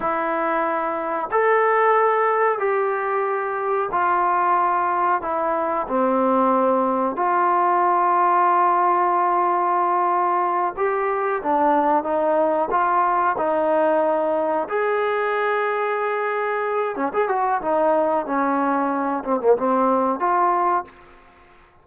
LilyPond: \new Staff \with { instrumentName = "trombone" } { \time 4/4 \tempo 4 = 92 e'2 a'2 | g'2 f'2 | e'4 c'2 f'4~ | f'1~ |
f'8 g'4 d'4 dis'4 f'8~ | f'8 dis'2 gis'4.~ | gis'2 cis'16 gis'16 fis'8 dis'4 | cis'4. c'16 ais16 c'4 f'4 | }